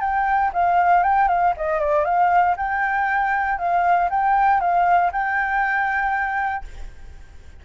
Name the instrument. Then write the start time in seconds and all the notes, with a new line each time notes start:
flute
0.00 G5
0.53 F5
1.03 G5
1.28 F5
1.56 D#5
1.79 D5
2.05 F5
2.56 G5
3.58 F5
4.10 G5
4.60 F5
5.11 G5